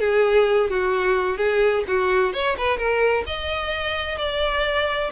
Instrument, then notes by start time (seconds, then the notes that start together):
violin
0.00 G#4
0.70 F#4
1.37 G#4
1.88 F#4
2.33 C#5
2.58 B4
2.77 A#4
3.26 D#5
4.18 D5